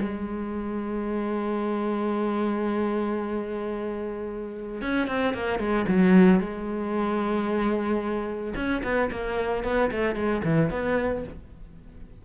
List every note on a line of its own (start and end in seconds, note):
0.00 4.81 G#3
4.81 5.07 C#4
5.07 5.34 C4
5.34 5.59 A#3
5.59 5.86 G#3
5.88 6.40 F#3
6.40 8.54 G#3
8.55 8.82 C#4
8.84 9.10 B3
9.11 9.64 A#3
9.64 9.91 B3
9.91 10.15 A3
10.15 10.42 G#3
10.44 10.70 E3
10.70 11.24 B3